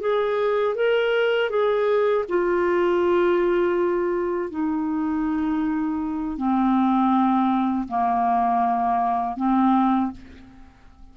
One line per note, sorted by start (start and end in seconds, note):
0.00 0.75 G#4
0.75 1.49 A#4
1.49 2.24 G#4
2.28 4.50 F4
4.50 6.37 D#4
6.37 7.87 C4
7.88 9.36 A#3
9.36 10.11 C4